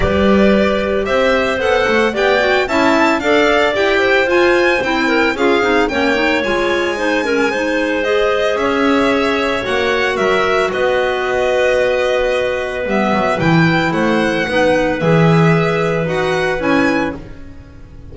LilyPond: <<
  \new Staff \with { instrumentName = "violin" } { \time 4/4 \tempo 4 = 112 d''2 e''4 fis''4 | g''4 a''4 f''4 g''4 | gis''4 g''4 f''4 g''4 | gis''2. dis''4 |
e''2 fis''4 e''4 | dis''1 | e''4 g''4 fis''2 | e''2 fis''4 gis''4 | }
  \new Staff \with { instrumentName = "clarinet" } { \time 4/4 b'2 c''2 | d''4 e''4 d''4. c''8~ | c''4. ais'8 gis'4 cis''4~ | cis''4 c''8 ais'8 c''2 |
cis''2. ais'4 | b'1~ | b'2 c''4 b'4~ | b'1 | }
  \new Staff \with { instrumentName = "clarinet" } { \time 4/4 g'2. a'4 | g'8 fis'8 e'4 a'4 g'4 | f'4 e'4 f'8 dis'8 cis'8 dis'8 | f'4 dis'8 cis'8 dis'4 gis'4~ |
gis'2 fis'2~ | fis'1 | b4 e'2 dis'4 | gis'2 fis'4 e'4 | }
  \new Staff \with { instrumentName = "double bass" } { \time 4/4 g2 c'4 b8 a8 | b4 cis'4 d'4 e'4 | f'4 c'4 cis'8 c'8 ais4 | gis1 |
cis'2 ais4 fis4 | b1 | g8 fis8 e4 a4 b4 | e2 dis'4 cis'4 | }
>>